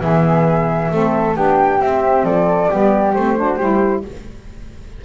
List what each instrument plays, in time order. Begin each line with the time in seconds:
0.00 double bass E3, saxophone B3, flute G#4 E5
0.91 double bass A3, saxophone C4, flute A4
1.35 double bass B3, saxophone D4, flute G4 G5
1.80 double bass C4, saxophone C4, flute E5
2.23 double bass F3, flute A4 D5
2.69 double bass G3, saxophone B3, flute G4
3.13 double bass A3, saxophone C4, flute C5
3.36 saxophone D4, flute F#4
3.57 double bass G3, saxophone E4, flute G4